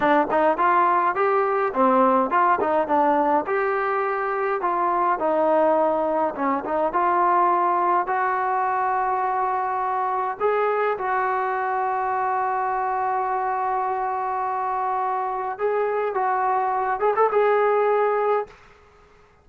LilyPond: \new Staff \with { instrumentName = "trombone" } { \time 4/4 \tempo 4 = 104 d'8 dis'8 f'4 g'4 c'4 | f'8 dis'8 d'4 g'2 | f'4 dis'2 cis'8 dis'8 | f'2 fis'2~ |
fis'2 gis'4 fis'4~ | fis'1~ | fis'2. gis'4 | fis'4. gis'16 a'16 gis'2 | }